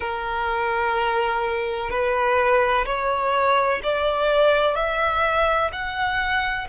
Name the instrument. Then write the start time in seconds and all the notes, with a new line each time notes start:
violin
0.00 A#4
1.90 B4
2.85 C#5
3.83 D5
4.75 E5
5.72 F#5